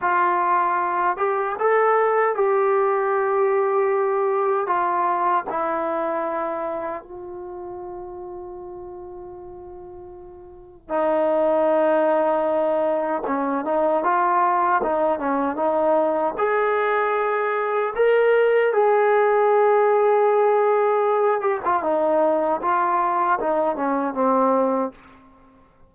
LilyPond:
\new Staff \with { instrumentName = "trombone" } { \time 4/4 \tempo 4 = 77 f'4. g'8 a'4 g'4~ | g'2 f'4 e'4~ | e'4 f'2.~ | f'2 dis'2~ |
dis'4 cis'8 dis'8 f'4 dis'8 cis'8 | dis'4 gis'2 ais'4 | gis'2.~ gis'8 g'16 f'16 | dis'4 f'4 dis'8 cis'8 c'4 | }